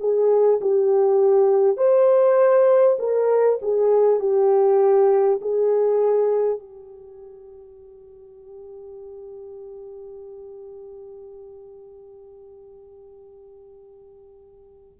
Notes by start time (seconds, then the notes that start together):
0.00 G#4
0.61 G4
1.77 C5
2.99 A#4
3.62 G#4
4.19 G4
5.42 G#4
6.59 G4